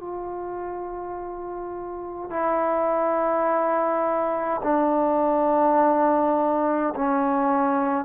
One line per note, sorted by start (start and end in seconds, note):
0.00 2.31 F4
2.31 4.62 E4
4.64 6.94 D4
6.95 8.06 C#4